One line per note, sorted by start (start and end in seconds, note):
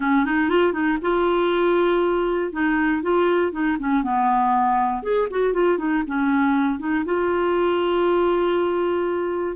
0.00 0.25 C#4
0.25 0.49 D#4
0.49 0.72 F4
0.72 0.97 D#4
1.01 2.52 F4
2.52 3.02 D#4
3.02 3.52 F4
3.52 3.77 D#4
3.79 4.03 C#4
4.03 5.03 B3
5.03 5.28 G#4
5.30 5.53 F#4
5.53 5.77 F4
5.77 6.03 D#4
6.06 6.79 C#4
6.79 7.04 D#4
7.05 9.56 F4